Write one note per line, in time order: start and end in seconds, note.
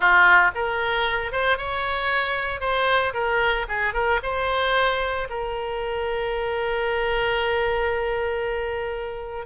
0.00 0.51 F4
0.55 1.32 A#4
1.32 1.57 C5
1.57 2.60 C#5
2.60 3.13 C5
3.13 3.66 A#4
3.68 3.93 G#4
3.93 4.20 A#4
4.22 5.28 C5
5.29 9.46 A#4